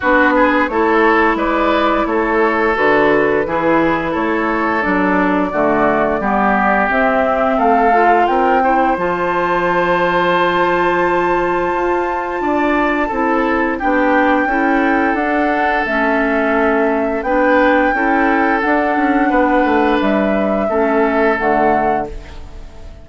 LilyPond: <<
  \new Staff \with { instrumentName = "flute" } { \time 4/4 \tempo 4 = 87 b'4 cis''4 d''4 cis''4 | b'2 cis''4 d''4~ | d''2 e''4 f''4 | g''4 a''2.~ |
a''1 | g''2 fis''4 e''4~ | e''4 g''2 fis''4~ | fis''4 e''2 fis''4 | }
  \new Staff \with { instrumentName = "oboe" } { \time 4/4 fis'8 gis'8 a'4 b'4 a'4~ | a'4 gis'4 a'2 | fis'4 g'2 a'4 | ais'8 c''2.~ c''8~ |
c''2 d''4 a'4 | g'4 a'2.~ | a'4 b'4 a'2 | b'2 a'2 | }
  \new Staff \with { instrumentName = "clarinet" } { \time 4/4 d'4 e'2. | fis'4 e'2 d'4 | a4 b4 c'4. f'8~ | f'8 e'8 f'2.~ |
f'2. e'4 | d'4 e'4 d'4 cis'4~ | cis'4 d'4 e'4 d'4~ | d'2 cis'4 a4 | }
  \new Staff \with { instrumentName = "bassoon" } { \time 4/4 b4 a4 gis4 a4 | d4 e4 a4 fis4 | d4 g4 c'4 a4 | c'4 f2.~ |
f4 f'4 d'4 c'4 | b4 cis'4 d'4 a4~ | a4 b4 cis'4 d'8 cis'8 | b8 a8 g4 a4 d4 | }
>>